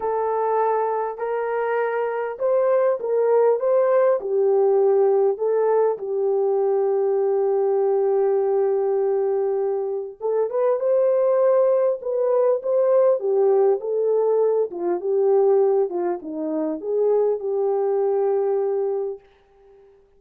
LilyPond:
\new Staff \with { instrumentName = "horn" } { \time 4/4 \tempo 4 = 100 a'2 ais'2 | c''4 ais'4 c''4 g'4~ | g'4 a'4 g'2~ | g'1~ |
g'4 a'8 b'8 c''2 | b'4 c''4 g'4 a'4~ | a'8 f'8 g'4. f'8 dis'4 | gis'4 g'2. | }